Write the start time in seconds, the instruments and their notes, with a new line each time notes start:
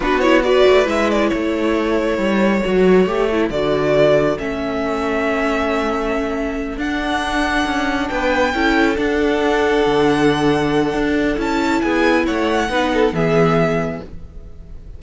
0.00 cello B3, viola D4, violin F#4 B4
0.20 viola E4, violin C#5
0.43 viola F#4, violin B4 D5
0.67 cello A3
0.84 cello G#3, viola E4, violin E5
1.09 violin D5
1.28 cello A3, violin A4 C#5
2.17 cello G3
2.64 cello F#3, viola F#4
3.06 cello A3, viola G4
3.31 viola E4
3.50 cello D3, viola F#4, violin D5
4.38 cello A3, viola C#4, violin E5
6.77 cello D4, viola D4, violin F#5
7.65 cello C#4
8.08 cello B3, violin B4 G5
8.53 cello C#4, viola E4, violin A4
8.96 viola D4, cello D4, violin F#5
9.86 cello D3
10.93 cello D4
11.37 cello C#4, viola E4, violin A5
11.81 cello B3, violin G#4 G#5
12.25 cello A3, violin C#5 F#5
12.69 cello B3, viola D#4, violin B4
12.94 violin A4
13.12 cello E3, viola B3, violin G#4 E5